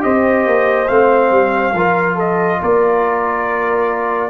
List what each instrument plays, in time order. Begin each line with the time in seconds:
0.00 tuba C4, trombone G4, horn C5, trumpet D#5
0.46 tuba A#3
0.88 tuba A3, trombone C4, trumpet F5
1.31 tuba G3
1.73 tuba F3, trombone F4, horn A#4
2.15 horn A4, trumpet D#5
2.61 tuba A#3, horn A#4, trumpet D5